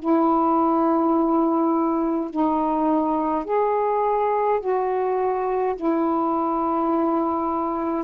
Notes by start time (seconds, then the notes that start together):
0.00 E4
2.31 D#4
3.45 G#4
4.60 F#4
5.76 E4